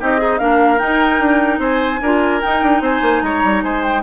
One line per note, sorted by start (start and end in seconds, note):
0.00 0.40 C4
0.00 0.18 D#4
0.00 0.21 G4
0.00 0.38 D#5
0.18 0.39 D#4
0.18 0.38 G#4
0.38 0.80 A#3
0.38 0.78 D4
0.38 1.60 A#4
0.38 0.79 F5
0.78 2.00 D#4
0.78 1.20 D#4
0.78 1.60 G5
1.20 1.59 D4
1.59 1.99 C4
1.59 2.01 C5
1.59 2.42 G#5
2.02 2.42 D4
2.02 2.41 F4
2.02 2.82 A#4
2.41 4.02 D#4
2.41 2.63 D#4
2.41 2.82 G5
2.63 2.81 D4
2.81 3.01 C4
2.81 3.23 C5
2.81 3.23 G#5
3.02 3.22 A#3
3.23 3.43 G#3
3.23 3.64 C#5
3.23 3.63 A#5
3.44 3.63 G3
3.63 4.02 G#3
3.63 4.02 C5
3.63 3.83 G#5
3.83 4.02 G5